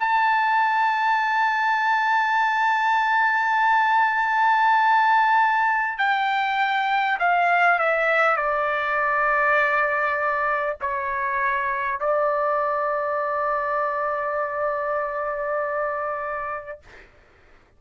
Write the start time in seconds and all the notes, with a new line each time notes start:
0.00 A5
5.98 G5
7.19 F5
7.79 E5
8.37 D5
10.81 C#5
12.00 D5